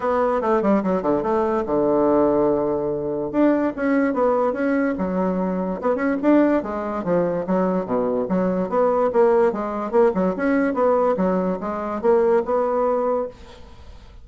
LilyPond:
\new Staff \with { instrumentName = "bassoon" } { \time 4/4 \tempo 4 = 145 b4 a8 g8 fis8 d8 a4 | d1 | d'4 cis'4 b4 cis'4 | fis2 b8 cis'8 d'4 |
gis4 f4 fis4 b,4 | fis4 b4 ais4 gis4 | ais8 fis8 cis'4 b4 fis4 | gis4 ais4 b2 | }